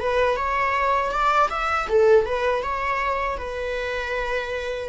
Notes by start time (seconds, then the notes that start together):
0.00 B4
0.36 C#5
1.12 D5
1.50 E5
1.88 A4
2.25 B4
2.63 C#5
3.38 B4